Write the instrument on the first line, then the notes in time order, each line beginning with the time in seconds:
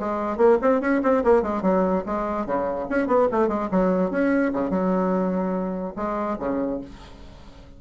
bassoon
0.00 G#3
0.37 A#3
0.62 C4
0.81 C#4
1.03 C4
1.24 A#3
1.42 G#3
1.62 F#3
2.06 G#3
2.46 C#3
2.90 C#4
3.07 B3
3.32 A3
3.48 G#3
3.71 F#3
4.11 C#4
4.53 C#3
4.70 F#3
5.96 G#3
6.39 C#3